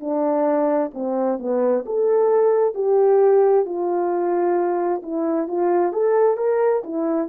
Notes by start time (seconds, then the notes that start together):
0.00 D4
0.94 C4
1.39 B3
1.86 A4
2.74 G4
3.65 F4
5.02 E4
5.48 F4
5.93 A4
6.37 A#4
6.83 E4